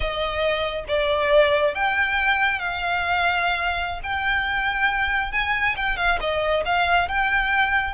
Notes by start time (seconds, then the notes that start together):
0.00 D#5
0.88 D5
1.74 G5
2.59 F5
4.03 G5
5.32 G#5
5.76 G5
5.96 F5
6.20 D#5
6.65 F5
7.08 G5